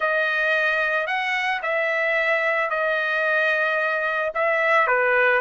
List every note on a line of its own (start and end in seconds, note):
0.00 1.06 D#5
1.06 1.60 F#5
1.62 2.70 E5
2.70 4.32 D#5
4.34 4.87 E5
4.87 5.41 B4